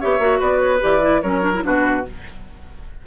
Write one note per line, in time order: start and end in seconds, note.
0.00 0.19 B3
0.00 0.19 G4
0.00 0.39 C#5
0.00 0.41 E5
0.19 0.39 A#3
0.19 0.80 F#4
0.39 0.82 B3
0.39 1.21 B4
0.39 0.59 D5
0.59 0.80 C#5
0.80 1.23 E3
0.80 1.00 G4
0.80 1.21 D5
1.01 1.21 E4
1.21 1.63 F#3
1.21 1.41 C#4
1.21 1.64 A#4
1.21 1.62 C#5
1.41 1.51 D4
1.54 1.62 E4
1.62 2.06 B2
1.62 2.03 D4
1.62 2.06 F#4
1.62 2.06 B4